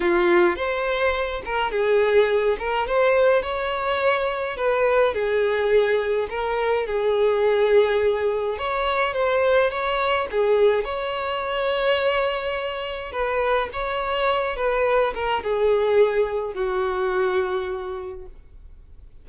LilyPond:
\new Staff \with { instrumentName = "violin" } { \time 4/4 \tempo 4 = 105 f'4 c''4. ais'8 gis'4~ | gis'8 ais'8 c''4 cis''2 | b'4 gis'2 ais'4 | gis'2. cis''4 |
c''4 cis''4 gis'4 cis''4~ | cis''2. b'4 | cis''4. b'4 ais'8 gis'4~ | gis'4 fis'2. | }